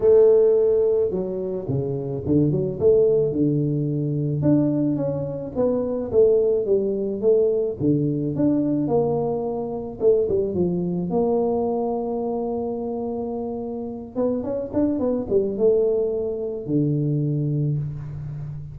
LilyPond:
\new Staff \with { instrumentName = "tuba" } { \time 4/4 \tempo 4 = 108 a2 fis4 cis4 | d8 fis8 a4 d2 | d'4 cis'4 b4 a4 | g4 a4 d4 d'4 |
ais2 a8 g8 f4 | ais1~ | ais4. b8 cis'8 d'8 b8 g8 | a2 d2 | }